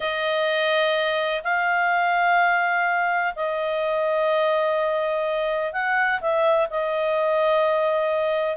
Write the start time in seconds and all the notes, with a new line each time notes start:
0.00 D#5
1.43 F5
3.35 D#5
5.72 F#5
6.20 E5
6.70 D#5